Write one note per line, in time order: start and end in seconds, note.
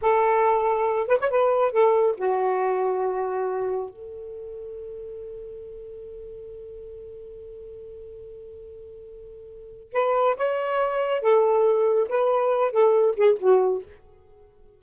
0.01 1.07 A4
1.07 1.18 B4
1.20 1.29 C#5
1.29 1.71 B4
1.71 2.15 A4
2.17 3.89 F#4
3.89 9.92 A4
9.92 10.36 B4
10.36 11.21 C#5
11.21 12.07 A4
12.09 12.71 B4
12.71 13.14 A4
13.16 13.38 G#4
13.39 13.82 F#4